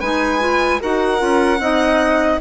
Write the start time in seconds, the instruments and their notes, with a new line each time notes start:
0.00 bassoon G#3, clarinet D#4, flute B4, violin G#5
0.39 clarinet F4
0.80 bassoon D#4, clarinet F#4, flute A#4, violin F#5
1.18 bassoon C#4, clarinet F4
1.59 bassoon C4, clarinet D#4, flute D#5